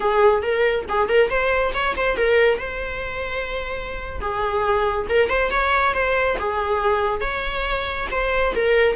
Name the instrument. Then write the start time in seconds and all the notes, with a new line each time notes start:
viola
0.00 G#4
0.42 A#4
0.88 G#4
1.08 A#4
1.29 C5
1.74 C#5
1.96 C5
2.16 A#4
2.58 C5
4.20 G#4
5.09 A#4
5.29 C5
5.50 C#5
5.94 C5
6.39 G#4
7.20 C#5
8.11 C5
8.55 A#4